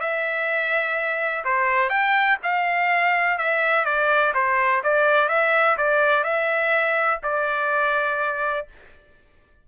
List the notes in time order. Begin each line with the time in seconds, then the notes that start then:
0.00 E5
1.45 C5
1.90 G5
2.43 F5
3.38 E5
3.85 D5
4.34 C5
4.83 D5
5.28 E5
5.77 D5
6.24 E5
7.23 D5